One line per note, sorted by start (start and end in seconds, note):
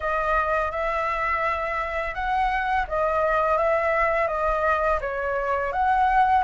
0.00 0.71 D#5
0.71 2.14 E5
2.14 2.85 F#5
2.87 3.57 D#5
3.57 4.27 E5
4.27 4.99 D#5
5.01 5.72 C#5
5.72 6.44 F#5